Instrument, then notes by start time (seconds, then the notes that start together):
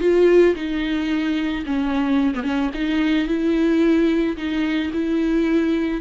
viola
0.00 F4
0.55 D#4
1.66 C#4
2.34 B3
2.43 C#4
2.74 D#4
3.27 E4
4.36 D#4
4.93 E4